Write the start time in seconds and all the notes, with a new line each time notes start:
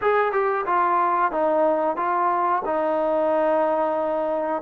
0.01 G#4
0.32 G4
0.66 F4
1.31 D#4
1.96 F4
2.65 D#4